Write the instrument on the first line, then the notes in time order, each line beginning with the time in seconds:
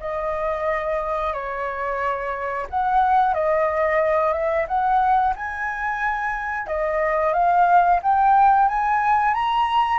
flute
0.00 D#5
1.33 C#5
2.70 F#5
3.34 D#5
4.33 E5
4.68 F#5
5.36 G#5
6.67 D#5
7.33 F5
8.02 G5
8.68 G#5
9.34 A#5